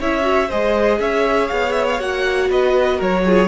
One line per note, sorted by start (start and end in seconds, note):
0.00 0.51 C#4
0.00 0.22 E4
0.00 0.48 C#5
0.00 0.51 E5
0.22 0.47 F#4
0.48 1.00 G#3
0.48 2.00 G#4
0.48 0.98 C5
0.48 1.01 D#5
1.00 1.50 C#4
1.00 2.49 C#5
1.00 1.48 E5
1.48 2.00 B3
1.48 1.72 F5
1.72 1.85 E5
1.89 2.00 F5
2.00 2.50 A#3
2.00 3.25 F#4
2.00 2.50 F#5
2.49 3.00 B3
2.49 2.97 B4
2.49 3.01 D#5
2.97 3.48 F#3
2.97 3.22 A#4
2.97 3.48 C#5
3.25 3.48 F4
3.25 3.48 G#4